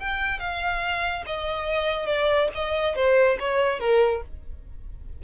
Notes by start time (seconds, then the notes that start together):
0.00 G5
0.40 F5
1.27 D#5
2.07 D5
2.55 D#5
2.96 C5
3.40 C#5
3.80 A#4